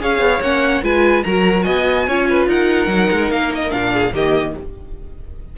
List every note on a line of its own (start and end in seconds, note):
0.00 0.19 C#4
0.00 0.41 G#4
0.00 0.84 C#5
0.00 0.42 F5
0.19 0.40 B3
0.41 0.82 A#3
0.41 0.83 C#4
0.41 0.84 F#5
0.83 1.24 G#3
0.83 1.25 F4
0.83 1.25 B4
0.83 1.24 G#5
1.24 1.67 F#3
1.24 2.10 F#4
1.24 1.65 A#4
1.24 1.63 A#5
1.63 2.08 B3
1.63 2.07 D#5
1.63 2.46 G#5
2.08 2.48 C#4
2.08 2.88 F4
2.08 2.29 C#5
2.30 2.49 B4
2.48 2.88 D#4
2.48 3.92 A#4
2.48 3.32 F#5
2.88 3.08 F#3
2.88 3.70 D#4
3.12 3.31 G#3
3.31 3.72 A#3
3.31 3.52 F5
3.55 3.72 D#5
3.70 4.13 A#2
3.70 4.12 D4
3.70 4.13 F5
3.92 4.13 G#4
4.13 4.54 D#3
4.13 4.58 A#3
4.13 4.56 G4
4.13 4.57 D#5